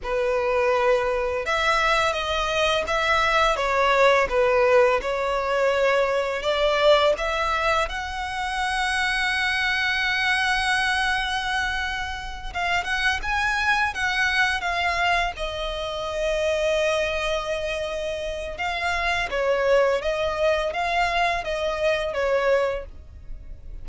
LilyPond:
\new Staff \with { instrumentName = "violin" } { \time 4/4 \tempo 4 = 84 b'2 e''4 dis''4 | e''4 cis''4 b'4 cis''4~ | cis''4 d''4 e''4 fis''4~ | fis''1~ |
fis''4. f''8 fis''8 gis''4 fis''8~ | fis''8 f''4 dis''2~ dis''8~ | dis''2 f''4 cis''4 | dis''4 f''4 dis''4 cis''4 | }